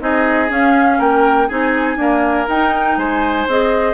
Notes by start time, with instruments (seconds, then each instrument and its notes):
0.00 bassoon C4, clarinet D#4, oboe G#4, flute D#5
0.49 clarinet C#4, bassoon C#4, flute F5
0.98 bassoon A#3, oboe A#4, flute G5
1.48 bassoon C4, clarinet D#4, oboe G#4, flute G#5
1.96 clarinet A#3, bassoon D4, oboe A#4
2.48 bassoon D#4, clarinet D#4, flute G5
2.97 bassoon G#3, oboe C5, flute G#5
3.47 bassoon C4, clarinet G#4, flute D#5